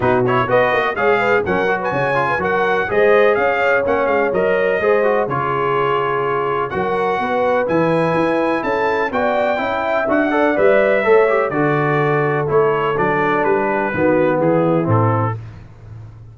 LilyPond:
<<
  \new Staff \with { instrumentName = "trumpet" } { \time 4/4 \tempo 4 = 125 b'8 cis''8 dis''4 f''4 fis''8. gis''16~ | gis''4 fis''4 dis''4 f''4 | fis''8 f''8 dis''2 cis''4~ | cis''2 fis''2 |
gis''2 a''4 g''4~ | g''4 fis''4 e''2 | d''2 cis''4 d''4 | b'2 gis'4 a'4 | }
  \new Staff \with { instrumentName = "horn" } { \time 4/4 fis'4 b'8. dis''16 cis''8 b'8 ais'8. b'16 | cis''8. b'16 ais'4 c''4 cis''4~ | cis''2 c''4 gis'4~ | gis'2 ais'4 b'4~ |
b'2 a'4 d''4 | e''4. d''4. cis''4 | a'1~ | a'8 g'8 fis'4 e'2 | }
  \new Staff \with { instrumentName = "trombone" } { \time 4/4 dis'8 e'8 fis'4 gis'4 cis'8 fis'8~ | fis'8 f'8 fis'4 gis'2 | cis'4 ais'4 gis'8 fis'8 f'4~ | f'2 fis'2 |
e'2. fis'4 | e'4 fis'8 a'8 b'4 a'8 g'8 | fis'2 e'4 d'4~ | d'4 b2 c'4 | }
  \new Staff \with { instrumentName = "tuba" } { \time 4/4 b,4 b8 ais8 gis4 fis4 | cis4 fis4 gis4 cis'4 | ais8 gis8 fis4 gis4 cis4~ | cis2 fis4 b4 |
e4 e'4 cis'4 b4 | cis'4 d'4 g4 a4 | d2 a4 fis4 | g4 dis4 e4 a,4 | }
>>